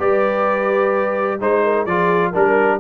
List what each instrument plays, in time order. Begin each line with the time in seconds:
0.00 tuba G3, trombone G4, horn B4, trumpet D5
1.40 tuba G#3, trombone D#4, horn C5, trumpet C5
1.64 horn A#4
1.86 tuba F3, trombone F4, horn G#4, trumpet D5
2.31 tuba G3, trombone D4, horn A#4, trumpet A#4